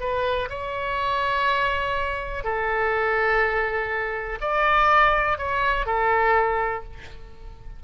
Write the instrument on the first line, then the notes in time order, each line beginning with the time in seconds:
oboe
0.00 B4
0.49 C#5
2.44 A4
4.41 D5
5.38 C#5
5.86 A4